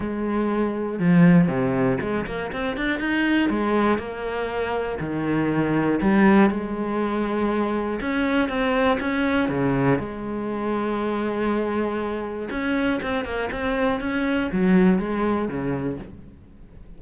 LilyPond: \new Staff \with { instrumentName = "cello" } { \time 4/4 \tempo 4 = 120 gis2 f4 c4 | gis8 ais8 c'8 d'8 dis'4 gis4 | ais2 dis2 | g4 gis2. |
cis'4 c'4 cis'4 cis4 | gis1~ | gis4 cis'4 c'8 ais8 c'4 | cis'4 fis4 gis4 cis4 | }